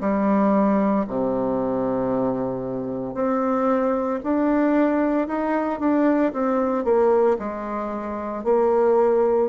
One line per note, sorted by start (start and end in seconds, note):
0.00 1.05 G3
1.07 3.14 C3
3.14 4.19 C4
4.23 5.27 D4
5.27 5.79 D#4
5.79 6.32 D4
6.33 6.84 C4
6.84 7.37 A#3
7.39 8.44 G#3
8.44 9.49 A#3